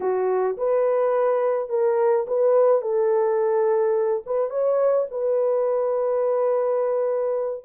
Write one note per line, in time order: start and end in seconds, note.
0.00 0.56 F#4
0.57 1.69 B4
1.69 2.26 A#4
2.27 2.81 B4
2.81 4.23 A4
4.26 4.49 B4
4.49 5.06 C#5
5.10 7.64 B4